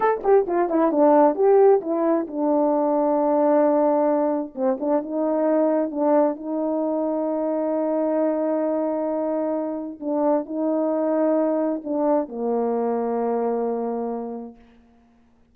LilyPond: \new Staff \with { instrumentName = "horn" } { \time 4/4 \tempo 4 = 132 a'8 g'8 f'8 e'8 d'4 g'4 | e'4 d'2.~ | d'2 c'8 d'8 dis'4~ | dis'4 d'4 dis'2~ |
dis'1~ | dis'2 d'4 dis'4~ | dis'2 d'4 ais4~ | ais1 | }